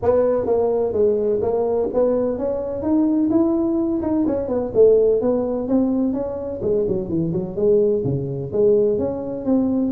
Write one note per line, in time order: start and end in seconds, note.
0.02 0.46 B3
0.46 0.92 A#3
0.92 1.40 G#3
1.41 1.89 A#3
1.93 2.38 B3
2.38 2.82 C#4
2.82 3.29 D#4
3.30 4.01 E4
4.02 4.25 D#4
4.26 4.48 C#4
4.48 4.71 B3
4.74 5.21 A3
5.21 5.67 B3
5.67 6.13 C4
6.13 6.60 C#4
6.62 6.85 G#3
6.87 7.08 F#3
7.08 7.32 E3
7.32 7.55 F#3
7.55 8.03 G#3
8.04 8.51 C#3
8.52 8.98 G#3
8.98 9.45 C#4
9.45 9.91 C4